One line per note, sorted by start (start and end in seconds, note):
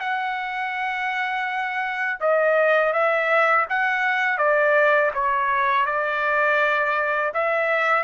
0.00 2.20 F#5
2.21 2.93 D#5
2.93 3.67 E5
3.70 4.38 F#5
4.38 5.11 D5
5.15 5.86 C#5
5.86 7.33 D5
7.34 8.04 E5